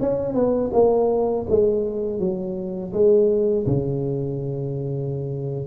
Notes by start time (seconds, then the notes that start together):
0.00 C#4
0.34 B3
0.73 A#3
1.49 G#3
2.19 F#3
2.93 G#3
3.67 C#3